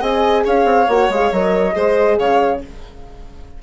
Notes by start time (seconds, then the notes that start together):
0.00 C4 G#4 D#5 G#5
0.44 C#4 C#5 F5
0.64 C4
0.88 A#3 F#4 F#5
1.09 G#3 G#4 F5
1.31 F#3 A#4 D#5
1.72 G#3 G#4 C5
2.17 C#3 C#5 F5